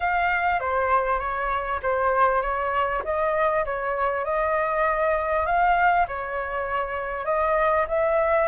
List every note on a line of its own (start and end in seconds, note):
0.00 0.60 F5
0.60 1.19 C5
1.19 1.79 C#5
1.82 2.42 C5
2.42 3.02 C#5
3.04 3.64 D#5
3.65 4.24 C#5
4.24 5.45 D#5
5.45 6.06 F5
6.07 7.25 C#5
7.25 7.85 D#5
7.88 8.48 E5